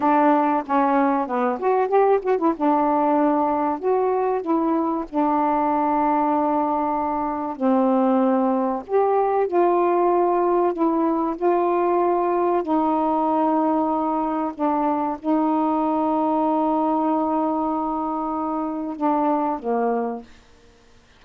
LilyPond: \new Staff \with { instrumentName = "saxophone" } { \time 4/4 \tempo 4 = 95 d'4 cis'4 b8 fis'8 g'8 fis'16 e'16 | d'2 fis'4 e'4 | d'1 | c'2 g'4 f'4~ |
f'4 e'4 f'2 | dis'2. d'4 | dis'1~ | dis'2 d'4 ais4 | }